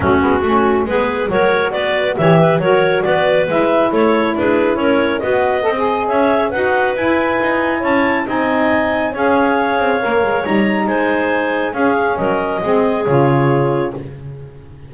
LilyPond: <<
  \new Staff \with { instrumentName = "clarinet" } { \time 4/4 \tempo 4 = 138 fis'2 b'4 cis''4 | d''4 e''4 cis''4 d''4 | e''4 cis''4 b'4 cis''4 | dis''2 e''4 fis''4 |
gis''2 a''4 gis''4~ | gis''4 f''2. | ais''4 gis''2 f''4 | dis''2 cis''2 | }
  \new Staff \with { instrumentName = "clarinet" } { \time 4/4 cis'4 fis'4 gis'4 ais'4 | b'4 cis''8 b'8 ais'4 b'4~ | b'4 a'4 gis'4 ais'4 | b'4 dis''4 cis''4 b'4~ |
b'2 cis''4 dis''4~ | dis''4 cis''2.~ | cis''4 c''2 gis'4 | ais'4 gis'2. | }
  \new Staff \with { instrumentName = "saxophone" } { \time 4/4 a8 b8 cis'4 b4 fis'4~ | fis'4 g'4 fis'2 | e'1 | fis'4 a'16 gis'4.~ gis'16 fis'4 |
e'2. dis'4~ | dis'4 gis'2 ais'4 | dis'2. cis'4~ | cis'4 c'4 f'2 | }
  \new Staff \with { instrumentName = "double bass" } { \time 4/4 fis8 gis8 a4 gis4 fis4 | b4 e4 fis4 b4 | gis4 a4 d'4 cis'4 | b4 c'4 cis'4 dis'4 |
e'4 dis'4 cis'4 c'4~ | c'4 cis'4. c'8 ais8 gis8 | g4 gis2 cis'4 | fis4 gis4 cis2 | }
>>